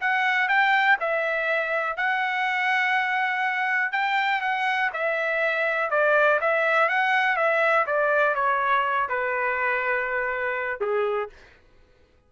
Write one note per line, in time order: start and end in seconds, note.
0.00 0.48 F#5
0.48 0.97 G5
1.00 1.96 E5
1.96 3.92 F#5
3.92 4.41 G5
4.41 4.90 F#5
4.93 5.90 E5
5.90 6.39 D5
6.40 6.89 E5
6.89 7.36 F#5
7.36 7.85 E5
7.86 8.35 D5
8.35 9.08 C#5
9.08 10.80 B4
10.80 11.29 G#4